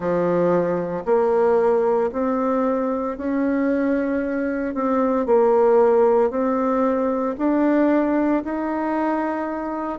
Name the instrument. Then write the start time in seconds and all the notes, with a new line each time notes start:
bassoon
0.00 F3
1.05 A#3
2.12 C4
3.17 C#4
4.74 C4
5.26 A#3
6.30 C4
7.38 D4
8.44 D#4